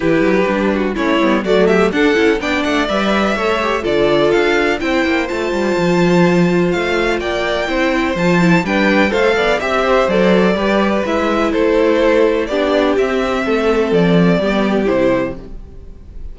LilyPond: <<
  \new Staff \with { instrumentName = "violin" } { \time 4/4 \tempo 4 = 125 b'2 cis''4 d''8 e''8 | fis''4 g''8 fis''8 e''2 | d''4 f''4 g''4 a''4~ | a''2 f''4 g''4~ |
g''4 a''4 g''4 f''4 | e''4 d''2 e''4 | c''2 d''4 e''4~ | e''4 d''2 c''4 | }
  \new Staff \with { instrumentName = "violin" } { \time 4/4 g'4. fis'8 e'4 fis'8 g'8 | a'4 d''2 cis''4 | a'2 c''2~ | c''2. d''4 |
c''2 b'4 c''8 d''8 | e''8 c''4. b'2 | a'2 g'2 | a'2 g'2 | }
  \new Staff \with { instrumentName = "viola" } { \time 4/4 e'4 d'4 cis'8 b8 a4 | d'8 e'8 d'4 b'4 a'8 g'8 | f'2 e'4 f'4~ | f'1 |
e'4 f'8 e'8 d'4 a'4 | g'4 a'4 g'4 e'4~ | e'2 d'4 c'4~ | c'2 b4 e'4 | }
  \new Staff \with { instrumentName = "cello" } { \time 4/4 e8 fis8 g4 a8 g8 fis4 | d'8 cis'8 b8 a8 g4 a4 | d4 d'4 c'8 ais8 a8 g8 | f2 a4 ais4 |
c'4 f4 g4 a8 b8 | c'4 fis4 g4 gis4 | a2 b4 c'4 | a4 f4 g4 c4 | }
>>